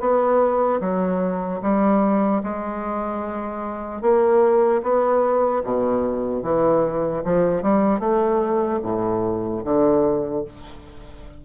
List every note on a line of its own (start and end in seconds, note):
0.00 0.80 B3
0.80 1.60 F#3
1.62 2.42 G3
2.43 4.01 G#3
4.01 4.81 A#3
4.83 5.63 B3
5.63 6.43 B2
6.43 7.23 E3
7.24 7.62 F3
7.62 7.99 G3
7.99 8.79 A3
8.83 9.63 A2
9.64 10.44 D3